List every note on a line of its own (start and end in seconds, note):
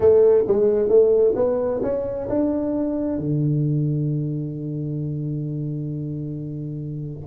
0.00 0.44 A3
0.47 0.88 G#3
0.88 1.34 A3
1.35 1.81 B3
1.83 2.28 C#4
2.29 3.18 D4
3.18 7.26 D3